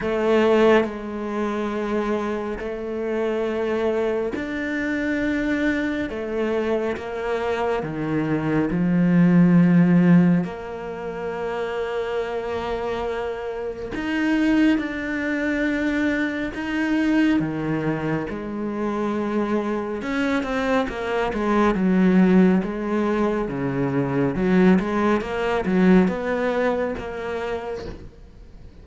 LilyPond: \new Staff \with { instrumentName = "cello" } { \time 4/4 \tempo 4 = 69 a4 gis2 a4~ | a4 d'2 a4 | ais4 dis4 f2 | ais1 |
dis'4 d'2 dis'4 | dis4 gis2 cis'8 c'8 | ais8 gis8 fis4 gis4 cis4 | fis8 gis8 ais8 fis8 b4 ais4 | }